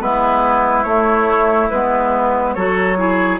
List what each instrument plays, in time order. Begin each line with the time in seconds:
0.00 bassoon G#3, clarinet B3, oboe E4, flute B4
0.83 bassoon A3, clarinet A3, flute C#5
1.69 bassoon G#3, clarinet B3, flute B4
2.53 bassoon F#3, clarinet F#4, oboe A4, flute C#5
2.96 clarinet E4, oboe G#4